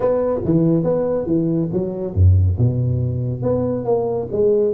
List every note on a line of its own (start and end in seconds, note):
0.00 0.40 B3
0.44 0.83 E3
0.83 1.26 B3
1.26 1.69 E3
1.73 2.14 F#3
2.14 2.57 F#2
2.58 3.42 B2
3.42 3.85 B3
3.85 4.27 A#3
4.31 4.74 G#3